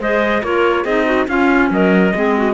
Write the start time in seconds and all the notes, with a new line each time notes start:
0.00 G#3 G#4 C5 D#5
0.44 A#3 F4 A#4 C#5
0.82 C4 D#4 G#4 D#5
1.05 F#4
1.28 C#4 F4 F5
1.70 F#3 A#4 D#5
2.14 G#3 C4 G#4
2.37 F#4